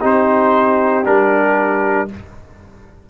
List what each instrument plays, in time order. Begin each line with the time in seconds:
0.00 tuba C4, trombone D#4, horn G4, trumpet C5
1.04 tuba G3, trombone D4, trumpet A#4